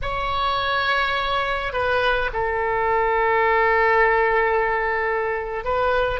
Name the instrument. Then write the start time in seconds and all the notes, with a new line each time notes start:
oboe
0.02 C#5
1.72 B4
2.33 A4
5.64 B4